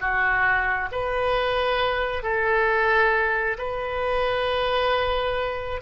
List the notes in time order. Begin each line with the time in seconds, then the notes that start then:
0.00 F#4
0.92 B4
2.23 A4
3.58 B4